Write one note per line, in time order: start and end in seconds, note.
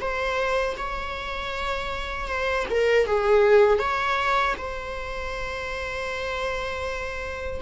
0.00 0.76 C5
0.77 2.28 C#5
2.28 2.66 C5
2.70 3.06 A#4
3.06 3.78 G#4
3.78 4.54 C#5
4.57 7.61 C5